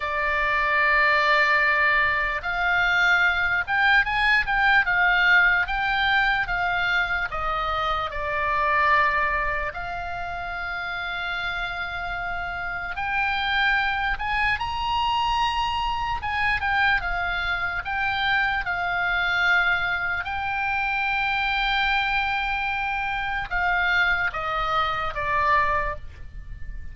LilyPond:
\new Staff \with { instrumentName = "oboe" } { \time 4/4 \tempo 4 = 74 d''2. f''4~ | f''8 g''8 gis''8 g''8 f''4 g''4 | f''4 dis''4 d''2 | f''1 |
g''4. gis''8 ais''2 | gis''8 g''8 f''4 g''4 f''4~ | f''4 g''2.~ | g''4 f''4 dis''4 d''4 | }